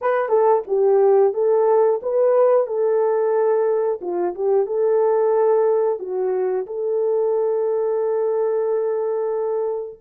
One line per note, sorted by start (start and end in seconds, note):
0.01 0.28 B4
0.28 0.62 A4
0.67 1.33 G4
1.33 2.00 A4
2.02 2.66 B4
2.66 4.00 A4
4.01 4.34 F4
4.35 4.66 G4
4.66 5.99 A4
5.99 6.65 F#4
6.66 9.99 A4